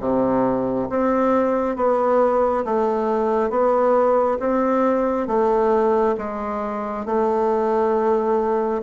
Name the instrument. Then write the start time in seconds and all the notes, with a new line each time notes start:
bassoon
0.00 C3
0.90 C4
1.76 B3
2.65 A3
3.50 B3
4.40 C4
5.27 A3
6.18 G#3
7.06 A3